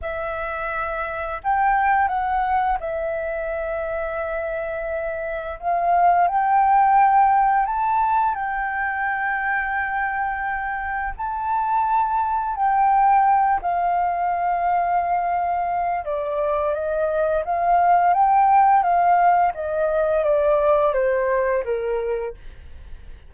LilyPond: \new Staff \with { instrumentName = "flute" } { \time 4/4 \tempo 4 = 86 e''2 g''4 fis''4 | e''1 | f''4 g''2 a''4 | g''1 |
a''2 g''4. f''8~ | f''2. d''4 | dis''4 f''4 g''4 f''4 | dis''4 d''4 c''4 ais'4 | }